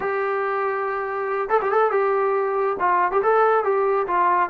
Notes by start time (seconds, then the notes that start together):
0.00 G4
1.49 A4
1.61 G4
1.71 A4
1.91 G4
2.79 F4
3.11 G4
3.23 A4
3.64 G4
4.07 F4